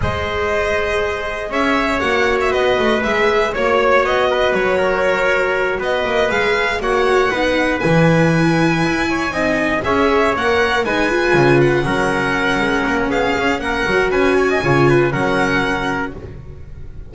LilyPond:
<<
  \new Staff \with { instrumentName = "violin" } { \time 4/4 \tempo 4 = 119 dis''2. e''4 | fis''8. e''16 dis''4 e''4 cis''4 | dis''4 cis''2~ cis''8 dis''8~ | dis''8 f''4 fis''2 gis''8~ |
gis''2.~ gis''8 e''8~ | e''8 fis''4 gis''4. fis''4~ | fis''2 f''4 fis''4 | gis''2 fis''2 | }
  \new Staff \with { instrumentName = "trumpet" } { \time 4/4 c''2. cis''4~ | cis''4 b'2 cis''4~ | cis''8 b'4 ais'2 b'8~ | b'4. cis''4 b'4.~ |
b'2 cis''8 dis''4 cis''8~ | cis''4. b'2 ais'8~ | ais'2 gis'4 ais'4 | b'8 cis''16 dis''16 cis''8 b'8 ais'2 | }
  \new Staff \with { instrumentName = "viola" } { \time 4/4 gis'1 | fis'2 gis'4 fis'4~ | fis'1~ | fis'8 gis'4 fis'4 dis'4 e'8~ |
e'2~ e'8 dis'4 gis'8~ | gis'8 ais'4 dis'8 f'4. cis'8~ | cis'2.~ cis'8 fis'8~ | fis'4 f'4 cis'2 | }
  \new Staff \with { instrumentName = "double bass" } { \time 4/4 gis2. cis'4 | ais4 b8 a8 gis4 ais4 | b4 fis2~ fis8 b8 | ais8 gis4 ais4 b4 e8~ |
e4. e'4 c'4 cis'8~ | cis'8 ais4 gis4 cis4 fis8~ | fis4 gis8 ais8 b8 cis'8 ais8 fis8 | cis'4 cis4 fis2 | }
>>